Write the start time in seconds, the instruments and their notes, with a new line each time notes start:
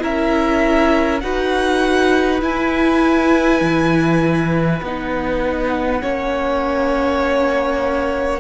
0.00 cello C#4, viola E4, violin A#4 E5
1.21 cello D#4, viola F#4, violin B4 F#5
2.41 viola E4, cello E4, violin G#5
3.61 cello E3
4.82 cello B3, viola D#4, violin F#5
6.01 cello A#3, viola C#4, violin C#5